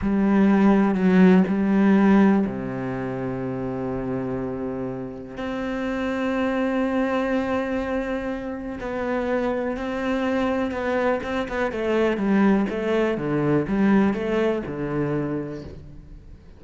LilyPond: \new Staff \with { instrumentName = "cello" } { \time 4/4 \tempo 4 = 123 g2 fis4 g4~ | g4 c2.~ | c2. c'4~ | c'1~ |
c'2 b2 | c'2 b4 c'8 b8 | a4 g4 a4 d4 | g4 a4 d2 | }